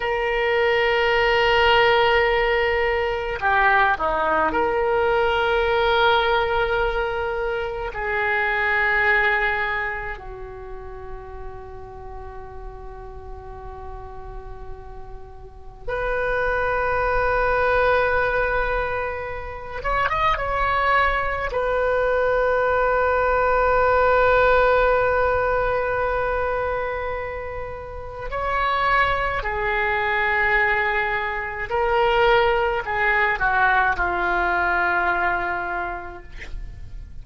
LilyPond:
\new Staff \with { instrumentName = "oboe" } { \time 4/4 \tempo 4 = 53 ais'2. g'8 dis'8 | ais'2. gis'4~ | gis'4 fis'2.~ | fis'2 b'2~ |
b'4. cis''16 dis''16 cis''4 b'4~ | b'1~ | b'4 cis''4 gis'2 | ais'4 gis'8 fis'8 f'2 | }